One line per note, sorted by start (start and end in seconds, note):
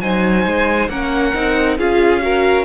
0.00 0.45 F#3
0.00 0.90 D#4
0.00 0.90 C5
0.00 0.88 G#5
0.45 0.88 G#3
0.88 1.32 A#3
0.88 1.34 C#4
0.88 1.78 A#4
0.88 1.77 F#5
1.34 1.78 C4
1.34 1.78 D#4
1.78 2.65 C#4
1.78 2.21 F4
1.78 2.22 G#4
1.78 2.65 F5
2.21 2.65 F#4
2.21 2.65 A#4